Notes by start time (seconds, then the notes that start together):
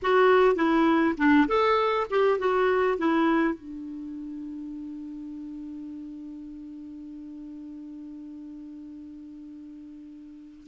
0.02 F#4
0.55 E4
1.17 D4
1.47 A4
2.10 G4
2.38 F#4
2.97 E4
3.54 D4